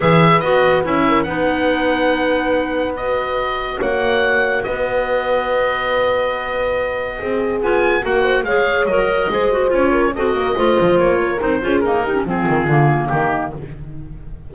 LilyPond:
<<
  \new Staff \with { instrumentName = "oboe" } { \time 4/4 \tempo 4 = 142 e''4 dis''4 e''4 fis''4~ | fis''2. dis''4~ | dis''4 fis''2 dis''4~ | dis''1~ |
dis''2 gis''4 fis''4 | f''4 dis''2 cis''4 | dis''2 cis''4 c''4 | ais'4 gis'2 g'4 | }
  \new Staff \with { instrumentName = "horn" } { \time 4/4 b'2~ b'8 ais'8 b'4~ | b'1~ | b'4 cis''2 b'4~ | b'1~ |
b'4 gis'2 ais'8 c''8 | cis''2 c''4. ais'8 | a'8 ais'8 c''4. ais'4 gis'8~ | gis'8 g'8 f'2 dis'4 | }
  \new Staff \with { instrumentName = "clarinet" } { \time 4/4 gis'4 fis'4 e'4 dis'4~ | dis'2. fis'4~ | fis'1~ | fis'1~ |
fis'2 f'4 fis'4 | gis'4 ais'4 gis'8 fis'8 f'4 | fis'4 f'2 dis'8 f'8 | ais8 dis'16 cis'16 c'4 ais2 | }
  \new Staff \with { instrumentName = "double bass" } { \time 4/4 e4 b4 cis'4 b4~ | b1~ | b4 ais2 b4~ | b1~ |
b4 c'4 b4 ais4 | gis4 fis4 gis4 cis'4 | c'8 ais8 a8 f8 ais4 c'8 cis'8 | dis'4 f8 dis8 d4 dis4 | }
>>